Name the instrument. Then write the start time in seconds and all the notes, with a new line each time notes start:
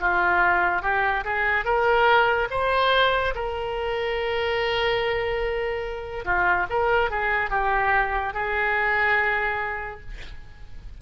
oboe
0.00 F4
0.82 G4
1.24 G#4
1.64 A#4
2.50 C5
3.34 A#4
6.24 F4
6.69 A#4
7.10 G#4
7.50 G4
8.33 G#4